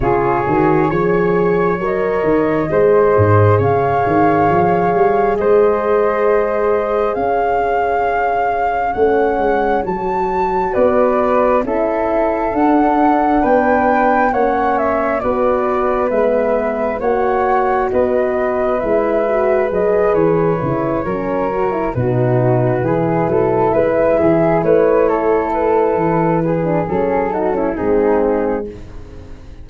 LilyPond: <<
  \new Staff \with { instrumentName = "flute" } { \time 4/4 \tempo 4 = 67 cis''2 dis''2 | f''2 dis''2 | f''2 fis''4 a''4 | d''4 e''4 fis''4 g''4 |
fis''8 e''8 d''4 e''4 fis''4 | dis''4 e''4 dis''8 cis''4.~ | cis''8 b'2 e''4 cis''8~ | cis''8 b'4. a'4 gis'4 | }
  \new Staff \with { instrumentName = "flute" } { \time 4/4 gis'4 cis''2 c''4 | cis''2 c''2 | cis''1 | b'4 a'2 b'4 |
cis''4 b'2 cis''4 | b'2.~ b'8 ais'8~ | ais'8 fis'4 gis'8 a'8 b'8 gis'8 b'8 | a'4. gis'4 fis'16 e'16 dis'4 | }
  \new Staff \with { instrumentName = "horn" } { \time 4/4 f'8 fis'8 gis'4 ais'4 gis'4~ | gis'1~ | gis'2 cis'4 fis'4~ | fis'4 e'4 d'2 |
cis'4 fis'4 b4 fis'4~ | fis'4 e'8 fis'8 gis'4 e'8 cis'8 | fis'16 e'16 dis'4 e'2~ e'8~ | e'4.~ e'16 d'16 cis'8 dis'16 cis'16 c'4 | }
  \new Staff \with { instrumentName = "tuba" } { \time 4/4 cis8 dis8 f4 fis8 dis8 gis8 gis,8 | cis8 dis8 f8 g8 gis2 | cis'2 a8 gis8 fis4 | b4 cis'4 d'4 b4 |
ais4 b4 gis4 ais4 | b4 gis4 fis8 e8 cis8 fis8~ | fis8 b,4 e8 fis8 gis8 e8 a8~ | a4 e4 fis4 gis4 | }
>>